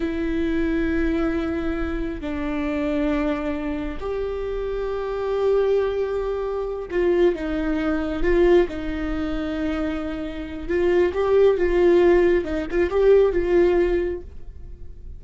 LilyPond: \new Staff \with { instrumentName = "viola" } { \time 4/4 \tempo 4 = 135 e'1~ | e'4 d'2.~ | d'4 g'2.~ | g'2.~ g'8 f'8~ |
f'8 dis'2 f'4 dis'8~ | dis'1 | f'4 g'4 f'2 | dis'8 f'8 g'4 f'2 | }